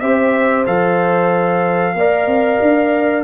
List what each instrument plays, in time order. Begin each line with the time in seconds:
0.00 tuba C4, trombone G4, horn C5, trumpet E5
0.67 tuba F3, trombone A4, trumpet F5
1.95 tuba A#3, trombone A#4, horn D5
2.27 tuba C4
2.62 tuba D4